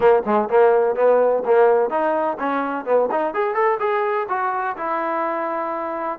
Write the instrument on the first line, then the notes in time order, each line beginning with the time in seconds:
trombone
0.00 A#3
0.25 G#3
0.48 A#3
0.95 B3
1.45 A#3
1.90 D#4
2.39 C#4
2.85 B3
3.11 D#4
3.34 G#4
3.54 A4
3.79 G#4
4.28 F#4
4.77 E4